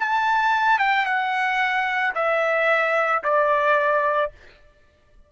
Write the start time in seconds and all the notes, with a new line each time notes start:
0.00 A5
0.79 G5
1.06 F#5
2.15 E5
3.24 D5